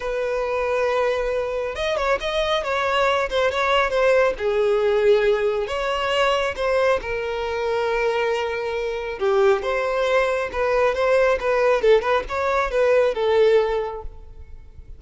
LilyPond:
\new Staff \with { instrumentName = "violin" } { \time 4/4 \tempo 4 = 137 b'1 | dis''8 cis''8 dis''4 cis''4. c''8 | cis''4 c''4 gis'2~ | gis'4 cis''2 c''4 |
ais'1~ | ais'4 g'4 c''2 | b'4 c''4 b'4 a'8 b'8 | cis''4 b'4 a'2 | }